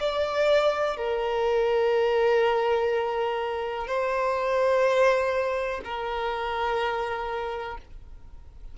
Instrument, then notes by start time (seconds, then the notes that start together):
violin
0.00 D5
0.97 A#4
3.87 C5
5.84 A#4